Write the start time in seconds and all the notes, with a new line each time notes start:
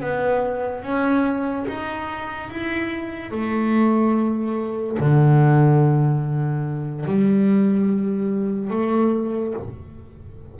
0.00 B3
0.83 C#4
1.68 D#4
2.50 E4
3.31 A3
4.99 D3
7.05 G3
8.70 A3